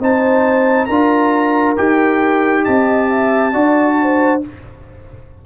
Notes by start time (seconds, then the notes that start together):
0.00 C4 D#4 C5 A5
0.86 D4 F4 A#4 A#5
1.77 D#4 G4 G5
2.65 C4 D#5 A5
3.10 E5
3.53 D4 F#4 D5
4.02 C5